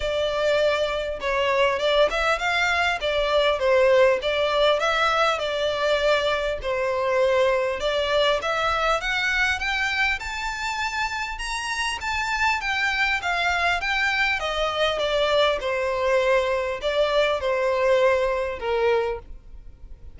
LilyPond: \new Staff \with { instrumentName = "violin" } { \time 4/4 \tempo 4 = 100 d''2 cis''4 d''8 e''8 | f''4 d''4 c''4 d''4 | e''4 d''2 c''4~ | c''4 d''4 e''4 fis''4 |
g''4 a''2 ais''4 | a''4 g''4 f''4 g''4 | dis''4 d''4 c''2 | d''4 c''2 ais'4 | }